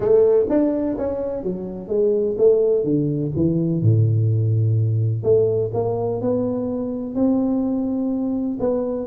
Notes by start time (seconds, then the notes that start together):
0.00 A3
0.49 D4
0.97 C#4
1.43 F#3
1.88 G#3
2.37 A3
2.84 D3
3.35 E3
3.82 A2
5.23 A3
5.73 A#3
6.21 B3
7.14 C4
8.59 B3